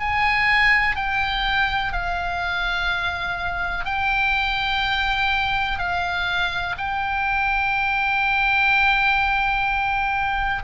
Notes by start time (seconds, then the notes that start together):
0.00 G#5
0.96 G5
1.93 F5
3.86 G5
5.79 F5
6.78 G5